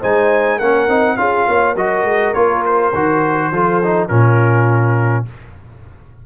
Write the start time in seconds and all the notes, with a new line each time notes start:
0.00 G#3 D#4 C5 G#5
0.58 A#3 C#4 A#4 F#5
0.88 C4 D#4
1.17 C#4 F4 G#4 F5
1.48 A#3 C#5
1.74 F#3 F#4 A#4 D#5
2.04 G#3
2.34 A#3 F4 C#5
2.66 C5
2.94 D#3 F#4
3.51 F3 F4 A4
3.84 D#4
4.08 A#2 C#4 F4 A#4